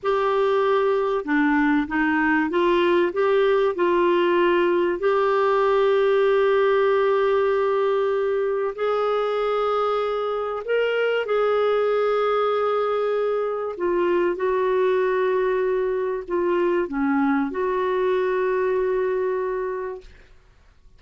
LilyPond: \new Staff \with { instrumentName = "clarinet" } { \time 4/4 \tempo 4 = 96 g'2 d'4 dis'4 | f'4 g'4 f'2 | g'1~ | g'2 gis'2~ |
gis'4 ais'4 gis'2~ | gis'2 f'4 fis'4~ | fis'2 f'4 cis'4 | fis'1 | }